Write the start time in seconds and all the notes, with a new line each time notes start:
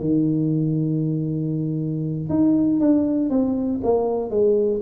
0.00 D#3
2.29 D#4
2.80 D4
3.29 C4
3.83 A#3
4.30 G#3